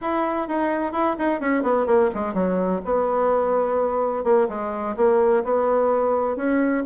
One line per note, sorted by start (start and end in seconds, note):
0.01 0.48 E4
0.48 0.92 D#4
0.92 1.16 E4
1.18 1.40 D#4
1.40 1.63 C#4
1.63 1.86 B3
1.86 2.10 A#3
2.14 2.34 G#3
2.34 2.81 F#3
2.84 4.24 B3
4.24 4.47 A#3
4.48 4.95 G#3
4.96 5.43 A#3
5.43 6.36 B3
6.36 6.83 C#4